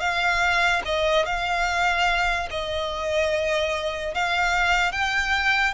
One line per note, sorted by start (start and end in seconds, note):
0.00 0.82 F5
0.85 1.26 D#5
1.26 2.49 F5
2.50 4.14 D#5
4.14 4.92 F5
4.92 5.74 G5